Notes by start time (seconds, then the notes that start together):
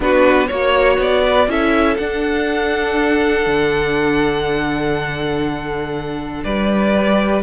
0.00 B3 D4 F#4 B4
0.47 A#3 F#4 C#5
0.98 B3 D5
1.23 B4
1.47 C#4 E4 A4 E5
1.96 D4 F#5
3.46 D3
6.43 G3 B4 D5
6.95 G4